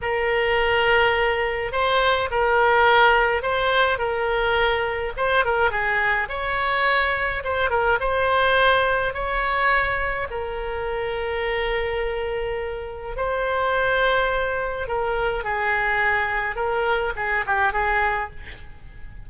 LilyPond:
\new Staff \with { instrumentName = "oboe" } { \time 4/4 \tempo 4 = 105 ais'2. c''4 | ais'2 c''4 ais'4~ | ais'4 c''8 ais'8 gis'4 cis''4~ | cis''4 c''8 ais'8 c''2 |
cis''2 ais'2~ | ais'2. c''4~ | c''2 ais'4 gis'4~ | gis'4 ais'4 gis'8 g'8 gis'4 | }